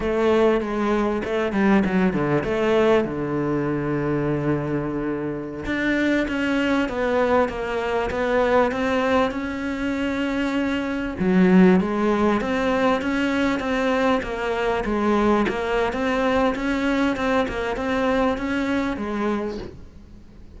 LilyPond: \new Staff \with { instrumentName = "cello" } { \time 4/4 \tempo 4 = 98 a4 gis4 a8 g8 fis8 d8 | a4 d2.~ | d4~ d16 d'4 cis'4 b8.~ | b16 ais4 b4 c'4 cis'8.~ |
cis'2~ cis'16 fis4 gis8.~ | gis16 c'4 cis'4 c'4 ais8.~ | ais16 gis4 ais8. c'4 cis'4 | c'8 ais8 c'4 cis'4 gis4 | }